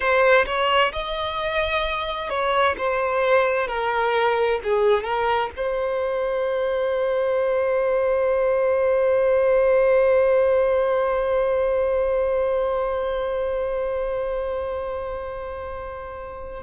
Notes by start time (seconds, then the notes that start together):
0.00 C5
0.46 C#5
0.92 D#5
2.29 C#5
2.77 C5
3.67 A#4
4.63 G#4
5.03 A#4
5.56 C5